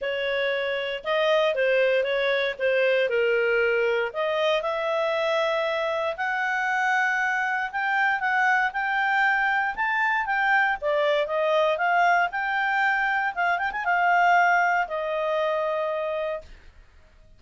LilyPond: \new Staff \with { instrumentName = "clarinet" } { \time 4/4 \tempo 4 = 117 cis''2 dis''4 c''4 | cis''4 c''4 ais'2 | dis''4 e''2. | fis''2. g''4 |
fis''4 g''2 a''4 | g''4 d''4 dis''4 f''4 | g''2 f''8 g''16 gis''16 f''4~ | f''4 dis''2. | }